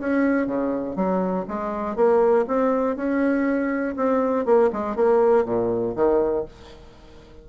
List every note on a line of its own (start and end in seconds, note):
0.00 0.47 C#4
0.47 0.96 C#3
0.96 1.45 F#3
1.48 1.96 G#3
1.96 2.45 A#3
2.47 2.96 C4
2.96 3.96 C#4
3.96 4.45 C4
4.45 4.70 A#3
4.73 4.96 G#3
4.96 5.45 A#3
5.45 5.95 A#2
5.95 6.45 D#3